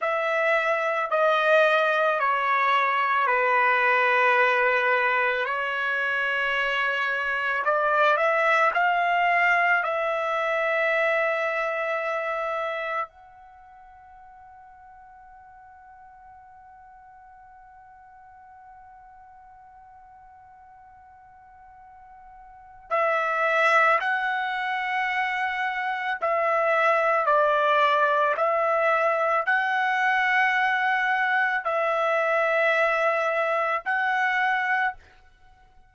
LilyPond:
\new Staff \with { instrumentName = "trumpet" } { \time 4/4 \tempo 4 = 55 e''4 dis''4 cis''4 b'4~ | b'4 cis''2 d''8 e''8 | f''4 e''2. | fis''1~ |
fis''1~ | fis''4 e''4 fis''2 | e''4 d''4 e''4 fis''4~ | fis''4 e''2 fis''4 | }